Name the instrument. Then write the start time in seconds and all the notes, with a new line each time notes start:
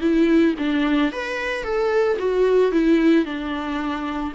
viola
0.00 E4
0.58 D4
1.12 B4
1.63 A4
2.18 F#4
2.71 E4
3.25 D4